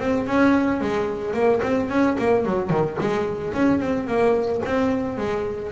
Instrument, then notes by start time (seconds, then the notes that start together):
double bass
0.00 C4
0.27 C#4
0.81 G#3
1.34 A#3
1.63 C4
1.90 C#4
2.19 A#3
2.46 F#3
2.70 D#3
3.01 G#3
3.54 C#4
3.80 C4
4.08 A#3
4.66 C4
5.18 G#3